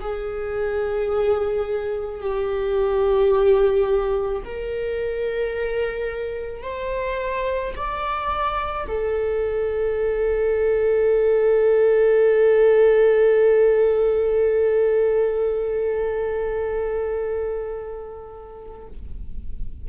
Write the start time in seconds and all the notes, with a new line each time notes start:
0.00 G#4
2.20 G4
4.44 A#4
6.63 C5
7.76 D5
8.87 A4